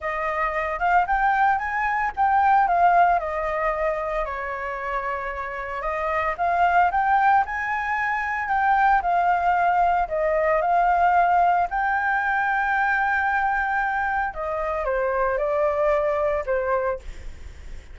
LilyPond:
\new Staff \with { instrumentName = "flute" } { \time 4/4 \tempo 4 = 113 dis''4. f''8 g''4 gis''4 | g''4 f''4 dis''2 | cis''2. dis''4 | f''4 g''4 gis''2 |
g''4 f''2 dis''4 | f''2 g''2~ | g''2. dis''4 | c''4 d''2 c''4 | }